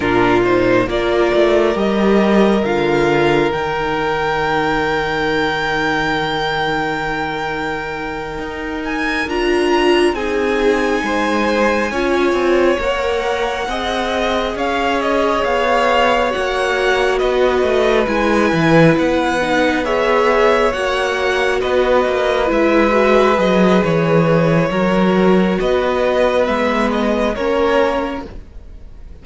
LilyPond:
<<
  \new Staff \with { instrumentName = "violin" } { \time 4/4 \tempo 4 = 68 ais'8 c''8 d''4 dis''4 f''4 | g''1~ | g''2 gis''8 ais''4 gis''8~ | gis''2~ gis''8 fis''4.~ |
fis''8 f''8 dis''8 f''4 fis''4 dis''8~ | dis''8 gis''4 fis''4 e''4 fis''8~ | fis''8 dis''4 e''4 dis''8 cis''4~ | cis''4 dis''4 e''8 dis''8 cis''4 | }
  \new Staff \with { instrumentName = "violin" } { \time 4/4 f'4 ais'2.~ | ais'1~ | ais'2.~ ais'8 gis'8~ | gis'8 c''4 cis''2 dis''8~ |
dis''8 cis''2. b'8~ | b'2~ b'8 cis''4.~ | cis''8 b'2.~ b'8 | ais'4 b'2 ais'4 | }
  \new Staff \with { instrumentName = "viola" } { \time 4/4 d'8 dis'8 f'4 g'4 f'4 | dis'1~ | dis'2~ dis'8 f'4 dis'8~ | dis'4. f'4 ais'4 gis'8~ |
gis'2~ gis'8 fis'4.~ | fis'8 e'4. dis'8 gis'4 fis'8~ | fis'4. e'8 fis'8 gis'4. | fis'2 b4 cis'4 | }
  \new Staff \with { instrumentName = "cello" } { \time 4/4 ais,4 ais8 a8 g4 d4 | dis1~ | dis4. dis'4 d'4 c'8~ | c'8 gis4 cis'8 c'8 ais4 c'8~ |
c'8 cis'4 b4 ais4 b8 | a8 gis8 e8 b2 ais8~ | ais8 b8 ais8 gis4 fis8 e4 | fis4 b4 gis4 ais4 | }
>>